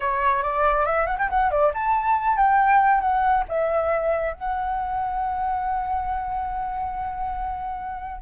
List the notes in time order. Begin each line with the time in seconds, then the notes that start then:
0.00 C#5
0.42 D5
0.85 E5
1.06 F#5
1.18 G5
1.29 F#5
1.50 D5
1.73 A5
2.37 G5
3.00 F#5
3.48 E5
4.33 F#5